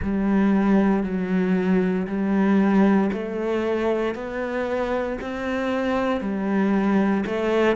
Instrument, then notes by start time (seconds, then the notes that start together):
cello
0.02 G3
1.03 F#3
2.07 G3
3.12 A3
4.14 B3
5.21 C4
6.21 G3
7.26 A3